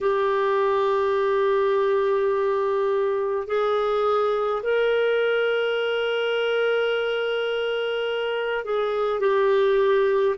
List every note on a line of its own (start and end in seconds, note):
0.01 3.47 G4
3.47 4.62 G#4
4.63 8.64 A#4
8.64 9.20 G#4
9.20 10.35 G4